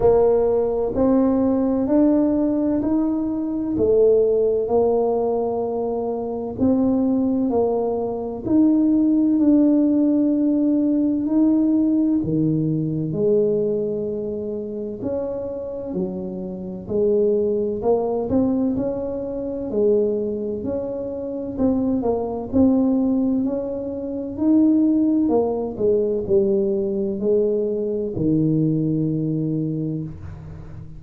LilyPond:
\new Staff \with { instrumentName = "tuba" } { \time 4/4 \tempo 4 = 64 ais4 c'4 d'4 dis'4 | a4 ais2 c'4 | ais4 dis'4 d'2 | dis'4 dis4 gis2 |
cis'4 fis4 gis4 ais8 c'8 | cis'4 gis4 cis'4 c'8 ais8 | c'4 cis'4 dis'4 ais8 gis8 | g4 gis4 dis2 | }